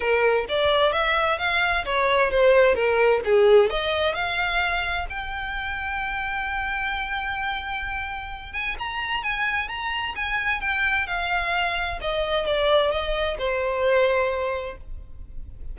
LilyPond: \new Staff \with { instrumentName = "violin" } { \time 4/4 \tempo 4 = 130 ais'4 d''4 e''4 f''4 | cis''4 c''4 ais'4 gis'4 | dis''4 f''2 g''4~ | g''1~ |
g''2~ g''8 gis''8 ais''4 | gis''4 ais''4 gis''4 g''4 | f''2 dis''4 d''4 | dis''4 c''2. | }